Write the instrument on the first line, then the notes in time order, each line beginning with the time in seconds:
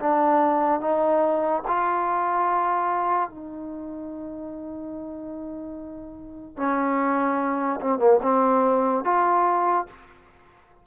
trombone
0.00 D4
0.81 D#4
1.68 F4
3.30 D#4
6.57 C#4
7.81 C4
7.99 A#3
8.23 C4
9.04 F4